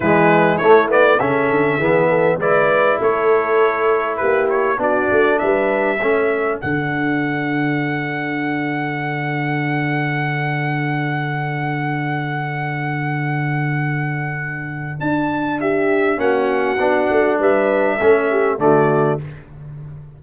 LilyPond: <<
  \new Staff \with { instrumentName = "trumpet" } { \time 4/4 \tempo 4 = 100 b'4 cis''8 d''8 e''2 | d''4 cis''2 b'8 cis''8 | d''4 e''2 fis''4~ | fis''1~ |
fis''1~ | fis''1~ | fis''4 a''4 e''4 fis''4~ | fis''4 e''2 d''4 | }
  \new Staff \with { instrumentName = "horn" } { \time 4/4 e'2 a'4 gis'8 a'8 | b'4 a'2 g'4 | fis'4 b'4 a'2~ | a'1~ |
a'1~ | a'1~ | a'2 g'4 fis'4~ | fis'4 b'4 a'8 g'8 fis'4 | }
  \new Staff \with { instrumentName = "trombone" } { \time 4/4 gis4 a8 b8 cis'4 b4 | e'1 | d'2 cis'4 d'4~ | d'1~ |
d'1~ | d'1~ | d'2. cis'4 | d'2 cis'4 a4 | }
  \new Staff \with { instrumentName = "tuba" } { \time 4/4 e4 a4 cis8 d8 e4 | gis4 a2 ais4 | b8 a8 g4 a4 d4~ | d1~ |
d1~ | d1~ | d4 d'2 ais4 | b8 a8 g4 a4 d4 | }
>>